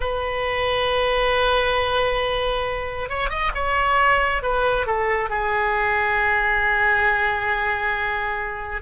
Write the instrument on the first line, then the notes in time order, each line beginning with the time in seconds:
oboe
0.00 B4
3.09 C#5
3.29 D#5
3.54 C#5
4.42 B4
4.86 A4
5.29 G#4